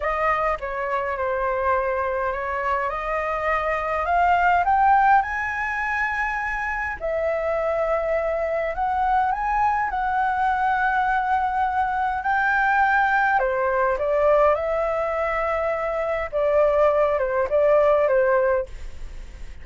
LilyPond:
\new Staff \with { instrumentName = "flute" } { \time 4/4 \tempo 4 = 103 dis''4 cis''4 c''2 | cis''4 dis''2 f''4 | g''4 gis''2. | e''2. fis''4 |
gis''4 fis''2.~ | fis''4 g''2 c''4 | d''4 e''2. | d''4. c''8 d''4 c''4 | }